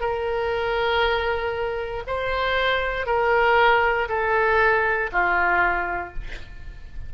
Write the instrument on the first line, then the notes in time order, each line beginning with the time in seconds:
oboe
0.00 A#4
2.07 C5
3.06 A#4
4.09 A4
5.12 F4